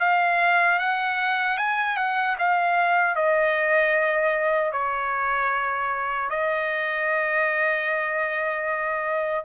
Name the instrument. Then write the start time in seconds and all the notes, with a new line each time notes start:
trumpet
0.00 F5
0.79 F#5
1.58 G#5
1.97 F#5
2.39 F5
3.15 D#5
4.73 C#5
6.30 D#5